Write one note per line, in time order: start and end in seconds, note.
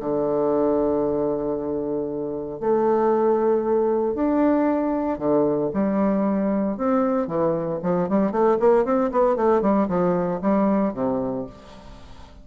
0.00 2.60 D3
2.60 4.14 A3
4.14 5.18 D4
5.18 5.71 D3
5.74 6.77 G3
6.77 7.27 C4
7.27 7.79 E3
7.83 8.09 F3
8.09 8.31 G3
8.31 8.58 A3
8.60 8.85 A#3
8.85 9.11 C4
9.11 9.36 B3
9.36 9.62 A3
9.62 9.88 G3
9.88 10.40 F3
10.42 10.94 G3
10.94 11.46 C3